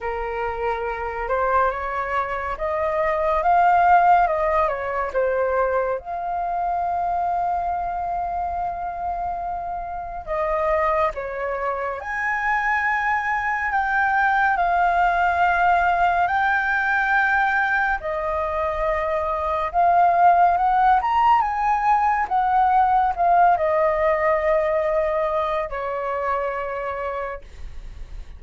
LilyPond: \new Staff \with { instrumentName = "flute" } { \time 4/4 \tempo 4 = 70 ais'4. c''8 cis''4 dis''4 | f''4 dis''8 cis''8 c''4 f''4~ | f''1 | dis''4 cis''4 gis''2 |
g''4 f''2 g''4~ | g''4 dis''2 f''4 | fis''8 ais''8 gis''4 fis''4 f''8 dis''8~ | dis''2 cis''2 | }